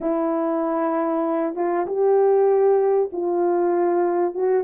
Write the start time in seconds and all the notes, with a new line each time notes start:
0.00 E4
1.55 F4
1.86 G4
3.12 F4
4.34 F#4